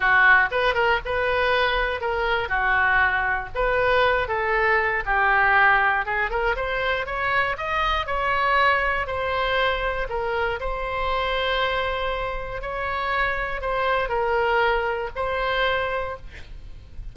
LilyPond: \new Staff \with { instrumentName = "oboe" } { \time 4/4 \tempo 4 = 119 fis'4 b'8 ais'8 b'2 | ais'4 fis'2 b'4~ | b'8 a'4. g'2 | gis'8 ais'8 c''4 cis''4 dis''4 |
cis''2 c''2 | ais'4 c''2.~ | c''4 cis''2 c''4 | ais'2 c''2 | }